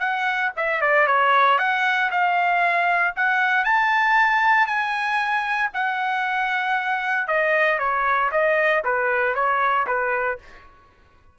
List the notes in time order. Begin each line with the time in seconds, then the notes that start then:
0.00 F#5
0.57 E5
0.82 D5
1.07 C#5
1.59 F#5
2.12 F5
3.16 F#5
3.65 A5
4.67 G#5
5.74 F#5
7.28 D#5
7.79 C#5
8.32 D#5
8.85 B4
9.35 C#5
9.87 B4